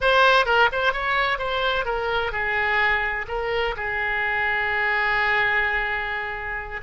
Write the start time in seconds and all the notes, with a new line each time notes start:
0.00 C5
0.45 A#4
0.72 C5
0.92 C#5
1.38 C5
1.85 A#4
2.32 G#4
3.28 A#4
3.76 G#4